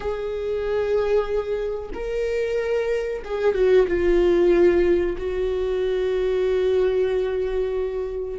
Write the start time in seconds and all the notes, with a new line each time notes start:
0.00 G#4
1.94 A#4
3.24 G#4
3.54 F#4
3.87 F4
5.17 F#4